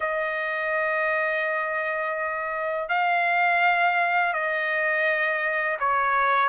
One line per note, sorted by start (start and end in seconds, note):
0.00 2.88 D#5
2.88 4.33 F5
4.33 5.77 D#5
5.79 6.49 C#5